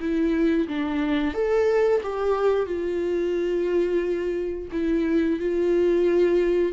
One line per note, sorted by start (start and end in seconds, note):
0.00 0.67 E4
0.68 1.34 D4
1.34 2.01 A4
2.03 2.66 G4
2.66 4.68 F4
4.72 5.39 E4
5.40 6.73 F4